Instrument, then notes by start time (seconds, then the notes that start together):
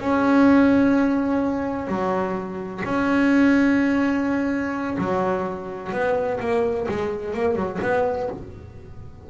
double bass
0.00 C#4
1.88 F#3
2.85 C#4
4.98 F#3
5.92 B3
6.40 A#3
6.88 G#3
7.34 A#3
7.56 F#3
7.82 B3